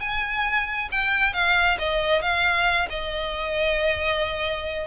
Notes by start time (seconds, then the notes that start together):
0.00 G#5
0.91 G5
1.34 F5
1.79 D#5
2.22 F5
2.89 D#5